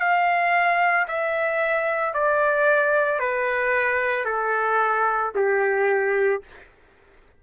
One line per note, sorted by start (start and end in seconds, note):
0.00 1.07 F5
1.08 2.14 E5
2.14 3.20 D5
3.20 4.26 B4
4.26 5.32 A4
5.35 6.42 G4